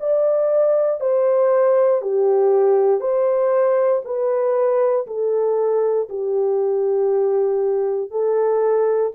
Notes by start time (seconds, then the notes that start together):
0.00 D5
1.00 C5
2.02 G4
3.00 C5
4.05 B4
5.07 A4
6.10 G4
8.11 A4